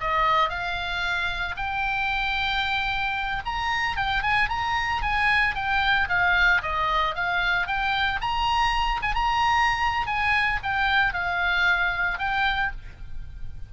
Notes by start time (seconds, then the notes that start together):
0.00 D#5
0.49 F5
1.56 G5
3.45 A#5
3.96 G5
4.22 G#5
4.49 A#5
5.02 G#5
5.55 G5
6.08 F5
6.62 D#5
7.15 F5
7.67 G5
8.21 A#5
9.02 G#5
9.14 A#5
10.06 G#5
10.62 G5
11.13 F5
12.18 G5